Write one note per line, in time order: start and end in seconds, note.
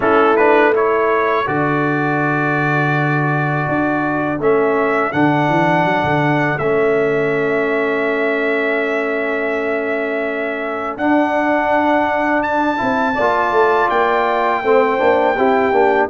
0.00 1.46 A3
0.00 0.37 C#4
0.00 0.73 E4
0.00 0.36 A4
0.36 0.74 D4
0.36 0.73 B4
0.73 1.45 E4
0.73 13.14 A4
0.73 1.47 C#5
1.45 3.67 D3
1.45 4.38 F#4
1.45 4.40 D5
3.68 4.38 D4
4.38 5.12 A3
4.38 5.12 C#4
4.38 5.12 E5
5.12 5.48 D3
5.12 6.59 D4
5.12 6.58 F#5
5.48 5.84 E3
5.84 6.03 F#3
6.03 6.58 D3
6.58 10.96 A3
6.58 11.00 C#4
6.58 10.97 E5
10.96 12.79 D4
10.96 12.77 D4
10.96 12.42 F#5
12.42 13.89 A5
12.77 13.17 C4
12.77 13.14 E4
13.14 13.51 A#3
13.14 14.60 D5
13.20 14.64 F4
13.51 13.87 A3
13.89 14.62 A#3
13.89 16.09 G5
14.62 14.99 A3
14.62 14.98 C4
14.62 15.36 C5
14.98 15.37 A#3
14.98 15.34 D4
15.36 15.71 C4
15.36 15.72 E4
15.36 16.09 G4
15.71 16.08 A#3
15.71 16.09 D4